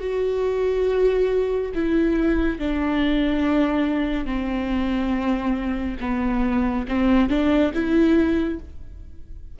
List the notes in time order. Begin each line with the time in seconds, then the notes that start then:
0.00 F#4
1.75 E4
2.59 D4
4.25 C4
6.00 B3
6.88 C4
7.30 D4
7.74 E4